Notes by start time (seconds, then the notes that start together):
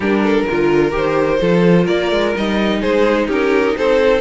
0.00 G3 D4 G4 A#4
0.23 A4
0.49 D3 F4 A#4
0.91 D#3 G4 C5
1.40 F3 F4 A4
1.84 A#3 A#4 D5
2.11 G#3
2.34 G3 D#4 D#5
2.80 G#3 G#4 C5
3.27 C#4 G4 A#4
3.76 C4 A4 C5